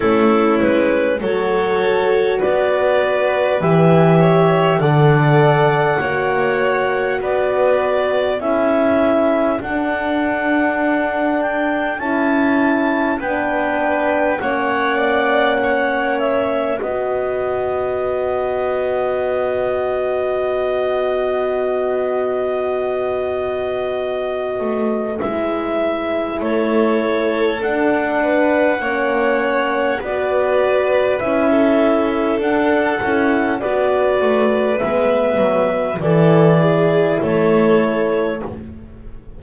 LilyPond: <<
  \new Staff \with { instrumentName = "clarinet" } { \time 4/4 \tempo 4 = 50 a'8 b'8 cis''4 d''4 e''4 | fis''2 d''4 e''4 | fis''4. g''8 a''4 g''4 | fis''4. e''8 dis''2~ |
dis''1~ | dis''4 e''4 cis''4 fis''4~ | fis''4 d''4 e''4 fis''4 | d''4 e''4 d''4 cis''4 | }
  \new Staff \with { instrumentName = "violin" } { \time 4/4 e'4 a'4 b'4. cis''8 | d''4 cis''4 b'4 a'4~ | a'2. b'4 | cis''8 d''8 cis''4 b'2~ |
b'1~ | b'2 a'4. b'8 | cis''4 b'4~ b'16 a'4.~ a'16 | b'2 a'8 gis'8 a'4 | }
  \new Staff \with { instrumentName = "horn" } { \time 4/4 cis'4 fis'2 g'4 | a'4 fis'2 e'4 | d'2 e'4 d'4 | cis'2 fis'2~ |
fis'1~ | fis'4 e'2 d'4 | cis'4 fis'4 e'4 d'8 e'8 | fis'4 b4 e'2 | }
  \new Staff \with { instrumentName = "double bass" } { \time 4/4 a8 gis8 fis4 b4 e4 | d4 ais4 b4 cis'4 | d'2 cis'4 b4 | ais2 b2~ |
b1~ | b8 a8 gis4 a4 d'4 | ais4 b4 cis'4 d'8 cis'8 | b8 a8 gis8 fis8 e4 a4 | }
>>